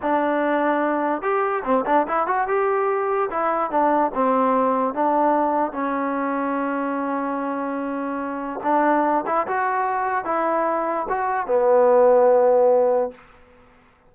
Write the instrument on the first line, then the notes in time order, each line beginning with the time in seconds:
trombone
0.01 D4
1.21 G4
1.64 C4
1.86 D4
2.07 E4
2.26 F#4
2.47 G4
3.30 E4
3.70 D4
4.14 C4
4.93 D4
5.72 C#4
8.63 D4
9.26 E4
9.47 F#4
10.24 E4
11.09 F#4
11.47 B3